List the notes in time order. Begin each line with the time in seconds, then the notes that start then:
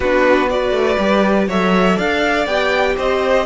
0.00 B3 D4 F#4 B4
0.49 F#4 B4 D5
0.71 A3
0.98 G3 G4
1.47 F#3 A4 C#5 E5
1.96 D4 D5 F5
2.46 B3 G4 G5
2.96 C4 C5 D#5